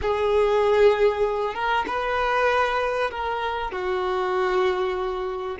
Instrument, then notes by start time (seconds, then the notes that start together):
violin
0.01 G#4
1.54 A#4
1.87 B4
3.10 A#4
3.71 F#4